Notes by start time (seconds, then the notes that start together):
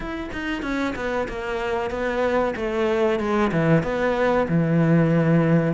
0.00 E4
0.32 D#4
0.62 C#4
0.95 B3
1.28 A#3
1.90 B3
2.55 A3
3.19 G#3
3.51 E3
3.83 B3
4.48 E3